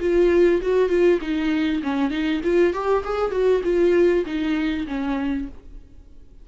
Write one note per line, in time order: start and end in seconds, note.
0.00 0.61 F4
0.62 0.89 F#4
0.89 1.19 F4
1.21 1.82 D#4
1.83 2.10 C#4
2.10 2.41 D#4
2.44 2.73 F4
2.73 3.04 G4
3.04 3.31 G#4
3.31 3.62 F#4
3.64 4.25 F4
4.26 4.87 D#4
4.87 5.48 C#4